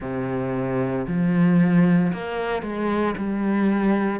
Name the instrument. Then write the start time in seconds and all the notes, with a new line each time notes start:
cello
0.00 C3
1.07 F3
2.12 A#3
2.62 G#3
3.17 G3